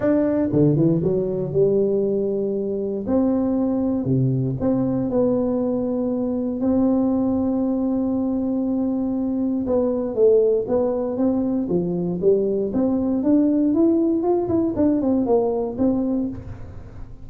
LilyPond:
\new Staff \with { instrumentName = "tuba" } { \time 4/4 \tempo 4 = 118 d'4 d8 e8 fis4 g4~ | g2 c'2 | c4 c'4 b2~ | b4 c'2.~ |
c'2. b4 | a4 b4 c'4 f4 | g4 c'4 d'4 e'4 | f'8 e'8 d'8 c'8 ais4 c'4 | }